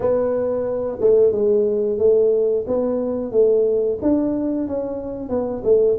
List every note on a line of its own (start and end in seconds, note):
0.00 0.98 B3
1.00 1.32 A3
1.32 1.98 G#3
1.98 2.65 A3
2.67 3.31 B3
3.31 3.98 A3
4.02 4.67 D4
4.67 5.29 C#4
5.29 5.62 B3
5.64 5.97 A3